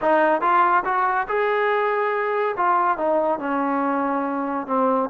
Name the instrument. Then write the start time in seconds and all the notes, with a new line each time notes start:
trombone
0.01 D#4
0.41 F4
0.84 F#4
1.27 G#4
2.56 F4
2.97 D#4
3.39 C#4
4.67 C4